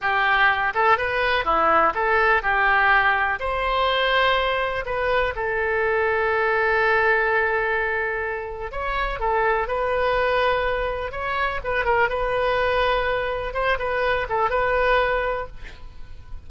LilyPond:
\new Staff \with { instrumentName = "oboe" } { \time 4/4 \tempo 4 = 124 g'4. a'8 b'4 e'4 | a'4 g'2 c''4~ | c''2 b'4 a'4~ | a'1~ |
a'2 cis''4 a'4 | b'2. cis''4 | b'8 ais'8 b'2. | c''8 b'4 a'8 b'2 | }